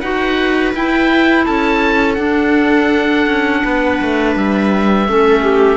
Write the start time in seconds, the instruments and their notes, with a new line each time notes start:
0.00 cello D#4, clarinet F#4, viola B4, oboe F#5
0.75 cello E4, clarinet E4, oboe G5
1.46 cello C#4, viola A4, oboe A5
2.15 clarinet D4, cello D4, oboe F#5
3.27 cello C#4
3.65 cello B3, viola B4
4.02 cello A3
4.36 cello G3, oboe E5
5.08 cello A3, clarinet C#4, viola A4
5.43 viola G4